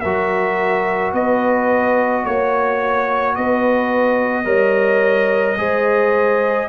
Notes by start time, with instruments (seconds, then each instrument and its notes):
0.00 tuba F#3, trombone F#4, horn A#4, trumpet E5
1.12 tuba B3, horn B4, trumpet D#5
2.23 tuba A#3, horn C#5, trumpet C#5
3.35 tuba B3, horn B4, trumpet D#5
4.44 tuba G3, trombone A#4, horn C#5
5.57 tuba G#3, trombone G#4, horn C5